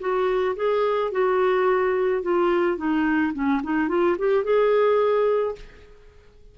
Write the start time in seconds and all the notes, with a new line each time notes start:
0.00 F#4
0.56 G#4
1.11 F#4
2.22 F4
2.77 D#4
3.33 C#4
3.63 D#4
3.88 F4
4.18 G4
4.44 G#4